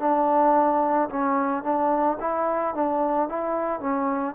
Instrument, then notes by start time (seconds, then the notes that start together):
trombone
0.00 D4
1.10 C#4
1.64 D4
2.21 E4
2.75 D4
3.29 E4
3.80 C#4